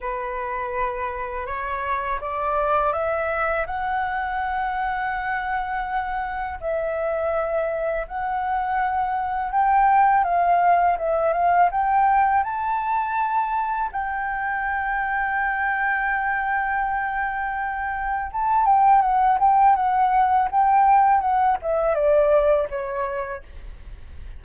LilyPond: \new Staff \with { instrumentName = "flute" } { \time 4/4 \tempo 4 = 82 b'2 cis''4 d''4 | e''4 fis''2.~ | fis''4 e''2 fis''4~ | fis''4 g''4 f''4 e''8 f''8 |
g''4 a''2 g''4~ | g''1~ | g''4 a''8 g''8 fis''8 g''8 fis''4 | g''4 fis''8 e''8 d''4 cis''4 | }